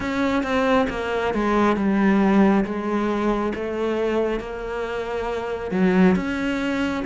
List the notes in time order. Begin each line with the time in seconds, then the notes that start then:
0.00 C#4
0.43 C4
0.89 A#3
1.34 G#3
1.76 G3
2.64 G#3
3.55 A3
4.40 A#3
5.71 F#3
6.15 C#4